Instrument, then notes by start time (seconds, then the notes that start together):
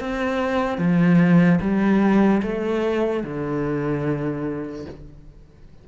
cello
0.00 C4
0.78 F3
1.61 G3
2.43 A3
3.24 D3